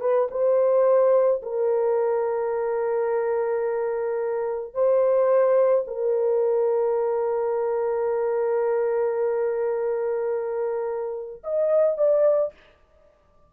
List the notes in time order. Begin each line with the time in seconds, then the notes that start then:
0.00 B4
0.30 C5
1.42 A#4
4.73 C5
5.87 A#4
11.43 D#5
11.97 D5